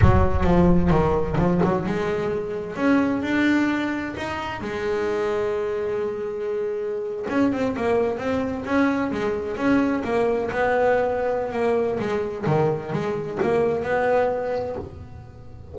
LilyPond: \new Staff \with { instrumentName = "double bass" } { \time 4/4 \tempo 4 = 130 fis4 f4 dis4 f8 fis8 | gis2 cis'4 d'4~ | d'4 dis'4 gis2~ | gis2.~ gis8. cis'16~ |
cis'16 c'8 ais4 c'4 cis'4 gis16~ | gis8. cis'4 ais4 b4~ b16~ | b4 ais4 gis4 dis4 | gis4 ais4 b2 | }